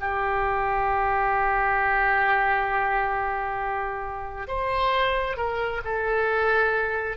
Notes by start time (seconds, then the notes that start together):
0.00 G4
4.48 C5
5.37 A#4
5.85 A4